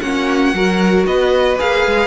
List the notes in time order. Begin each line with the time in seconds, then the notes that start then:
0.00 A#3 C#4 F#4 F#5
0.53 F#3 F#4 A#4
1.06 B3 B4 D#5
1.58 A#3 G#4 F5
1.87 G#3